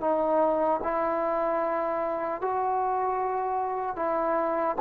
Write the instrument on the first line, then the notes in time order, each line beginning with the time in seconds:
trombone
0.00 D#4
0.83 E4
2.41 F#4
3.96 E4